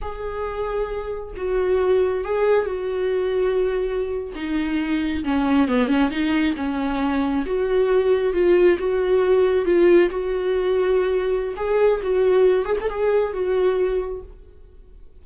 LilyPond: \new Staff \with { instrumentName = "viola" } { \time 4/4 \tempo 4 = 135 gis'2. fis'4~ | fis'4 gis'4 fis'2~ | fis'4.~ fis'16 dis'2 cis'16~ | cis'8. b8 cis'8 dis'4 cis'4~ cis'16~ |
cis'8. fis'2 f'4 fis'16~ | fis'4.~ fis'16 f'4 fis'4~ fis'16~ | fis'2 gis'4 fis'4~ | fis'8 gis'16 a'16 gis'4 fis'2 | }